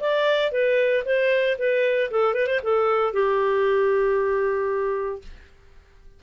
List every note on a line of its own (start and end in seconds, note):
0.00 0.51 D5
0.51 1.03 B4
1.05 1.57 C5
1.58 2.10 B4
2.11 2.34 A4
2.34 2.47 B4
2.47 2.60 C5
2.63 3.13 A4
3.13 5.22 G4